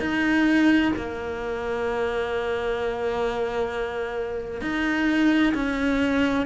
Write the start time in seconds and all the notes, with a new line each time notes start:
0.00 D#4
0.96 A#3
4.61 D#4
5.54 C#4